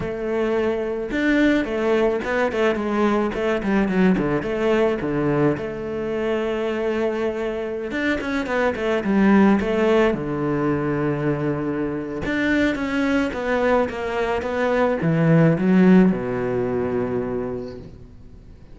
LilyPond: \new Staff \with { instrumentName = "cello" } { \time 4/4 \tempo 4 = 108 a2 d'4 a4 | b8 a8 gis4 a8 g8 fis8 d8 | a4 d4 a2~ | a2~ a16 d'8 cis'8 b8 a16~ |
a16 g4 a4 d4.~ d16~ | d2 d'4 cis'4 | b4 ais4 b4 e4 | fis4 b,2. | }